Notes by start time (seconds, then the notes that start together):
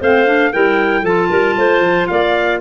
0.00 A3 C4 C5 F5
0.26 D4
0.53 G3 E4 A#4 G5
1.02 F3 F4 A4 A5
1.29 G3 A#4
1.57 A3 C5
1.80 F3
2.07 A#3 D5 F5